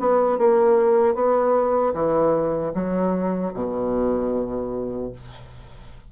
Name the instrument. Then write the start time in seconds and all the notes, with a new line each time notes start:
bassoon
0.00 B3
0.38 A#3
1.15 B3
1.94 E3
2.74 F#3
3.54 B2